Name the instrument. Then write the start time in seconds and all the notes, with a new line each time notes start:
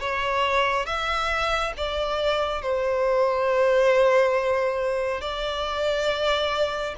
violin
0.00 C#5
0.86 E5
1.77 D5
2.62 C5
5.21 D5